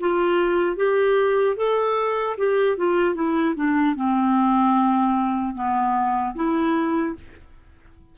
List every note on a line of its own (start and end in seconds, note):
0.00 0.76 F4
0.76 1.56 G4
1.56 2.36 A4
2.38 2.77 G4
2.77 3.15 F4
3.15 3.55 E4
3.56 3.95 D4
3.95 5.55 C4
5.55 6.35 B3
6.35 7.15 E4